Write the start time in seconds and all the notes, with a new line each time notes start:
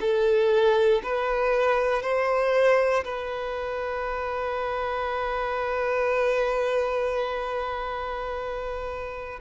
0.00 A4
1.03 B4
2.02 C5
3.04 B4